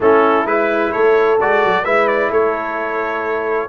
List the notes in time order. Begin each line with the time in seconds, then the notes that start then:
0.00 A3 C#4 E4 A4
0.45 G#3 E4 B4
0.92 A3 A4 C#5
1.40 G#3 F#4 D5
1.64 F#3
1.83 G#3 E4 B4 E5
2.07 D5
2.30 A3 A4 C#5